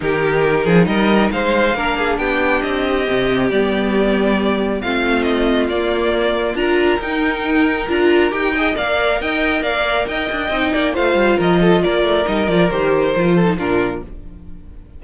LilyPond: <<
  \new Staff \with { instrumentName = "violin" } { \time 4/4 \tempo 4 = 137 ais'2 dis''4 f''4~ | f''4 g''4 dis''2 | d''2. f''4 | dis''4 d''2 ais''4 |
g''2 ais''4 g''4 | f''4 g''4 f''4 g''4~ | g''4 f''4 dis''4 d''4 | dis''8 d''8 c''2 ais'4 | }
  \new Staff \with { instrumentName = "violin" } { \time 4/4 g'4. gis'8 ais'4 c''4 | ais'8 gis'8 g'2.~ | g'2. f'4~ | f'2. ais'4~ |
ais'2.~ ais'8 dis''8 | d''4 dis''4 d''4 dis''4~ | dis''8 d''8 c''4 ais'8 a'8 ais'4~ | ais'2~ ais'8 a'8 f'4 | }
  \new Staff \with { instrumentName = "viola" } { \time 4/4 dis'1 | d'2. c'4 | b2. c'4~ | c'4 ais2 f'4 |
dis'2 f'4 g'8 gis'8 | ais'1 | dis'4 f'2. | dis'8 f'8 g'4 f'8. dis'16 d'4 | }
  \new Staff \with { instrumentName = "cello" } { \time 4/4 dis4. f8 g4 gis4 | ais4 b4 c'4 c4 | g2. a4~ | a4 ais2 d'4 |
dis'2 d'4 dis'4 | ais4 dis'4 ais4 dis'8 d'8 | c'8 ais8 a8 g8 f4 ais8 a8 | g8 f8 dis4 f4 ais,4 | }
>>